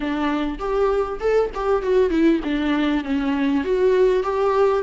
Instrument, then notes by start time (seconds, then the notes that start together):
viola
0.00 D4
0.59 G4
1.20 A4
1.54 G4
1.82 F#4
2.10 E4
2.44 D4
3.04 C#4
3.64 F#4
4.23 G4